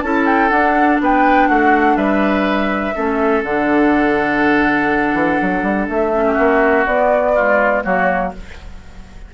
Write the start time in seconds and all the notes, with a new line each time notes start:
0.00 C#4 E4 A4 A5
0.25 G5
0.49 D4 F#5
1.01 B3 B4 G5
1.48 A3 F#4 F#5
1.96 G3 B4 E5
2.95 A3 C#4 A4
3.43 D3 D4 F#5
5.14 E3
5.42 F#3
5.62 G3
5.88 A3 E5
6.13 C#4
6.27 G4
6.34 A#3 F#4
6.86 B3 D5
7.35 G#3 F4
7.82 F#3 A#3 F#4 C#5